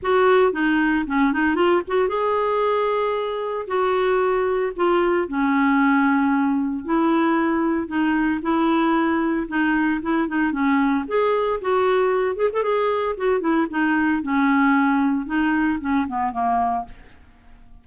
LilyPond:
\new Staff \with { instrumentName = "clarinet" } { \time 4/4 \tempo 4 = 114 fis'4 dis'4 cis'8 dis'8 f'8 fis'8 | gis'2. fis'4~ | fis'4 f'4 cis'2~ | cis'4 e'2 dis'4 |
e'2 dis'4 e'8 dis'8 | cis'4 gis'4 fis'4. gis'16 a'16 | gis'4 fis'8 e'8 dis'4 cis'4~ | cis'4 dis'4 cis'8 b8 ais4 | }